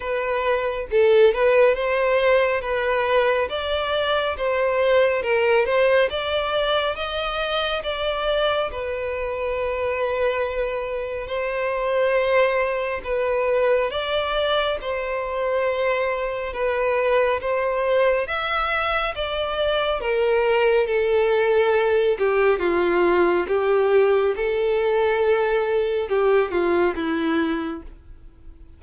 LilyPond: \new Staff \with { instrumentName = "violin" } { \time 4/4 \tempo 4 = 69 b'4 a'8 b'8 c''4 b'4 | d''4 c''4 ais'8 c''8 d''4 | dis''4 d''4 b'2~ | b'4 c''2 b'4 |
d''4 c''2 b'4 | c''4 e''4 d''4 ais'4 | a'4. g'8 f'4 g'4 | a'2 g'8 f'8 e'4 | }